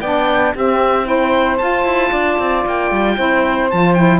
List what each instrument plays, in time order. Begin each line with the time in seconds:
0.00 cello B3, saxophone D4 D5, oboe G5
0.52 cello C4, saxophone C4 G4, oboe E5
1.05 saxophone E4 C5, oboe G5
1.57 saxophone F4, cello F4, oboe A5
1.85 cello E4
2.11 cello D4, saxophone D5
2.39 cello C4
2.65 cello A#3, oboe G5
2.91 cello G3
3.16 cello C4, saxophone E4 C5
3.70 cello F3, saxophone F4, oboe A5
3.94 saxophone E4, oboe G5